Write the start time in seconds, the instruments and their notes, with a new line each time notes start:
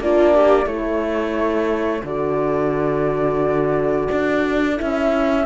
0.00 cello A#3, horn D4, viola F4, flute D5
0.35 viola G4
0.65 cello A3, horn E4, viola A4, flute C#5
2.04 cello D3, horn F#4, flute D5
4.12 cello D4
4.76 horn E4, flute E5
4.82 cello C#4